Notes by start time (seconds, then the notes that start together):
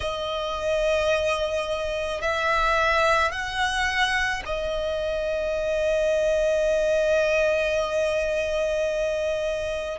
0.00 D#5
2.21 E5
3.31 F#5
4.45 D#5